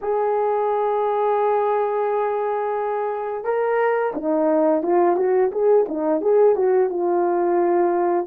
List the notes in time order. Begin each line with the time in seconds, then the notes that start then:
0.01 G#4
3.44 A#4
4.14 D#4
4.82 F4
5.16 F#4
5.51 G#4
5.88 D#4
6.21 G#4
6.55 F#4
6.89 F4